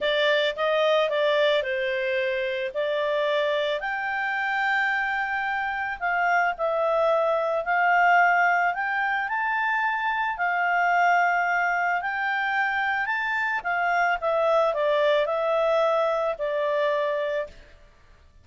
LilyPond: \new Staff \with { instrumentName = "clarinet" } { \time 4/4 \tempo 4 = 110 d''4 dis''4 d''4 c''4~ | c''4 d''2 g''4~ | g''2. f''4 | e''2 f''2 |
g''4 a''2 f''4~ | f''2 g''2 | a''4 f''4 e''4 d''4 | e''2 d''2 | }